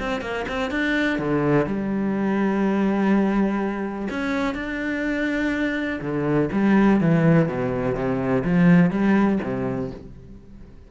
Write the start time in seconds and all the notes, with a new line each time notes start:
0.00 C4
0.21 A#3
0.49 C4
0.71 D4
1.19 D3
1.66 G3
4.10 C#4
4.55 D4
6.01 D3
6.53 G3
7.01 E3
7.49 B2
7.95 C3
8.45 F3
8.91 G3
9.43 C3